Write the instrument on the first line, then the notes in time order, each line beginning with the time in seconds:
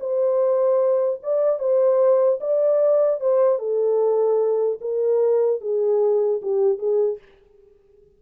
horn
0.00 C5
1.23 D5
1.59 C5
2.41 D5
3.20 C5
3.59 A4
4.81 A#4
5.61 G#4
6.42 G4
6.79 G#4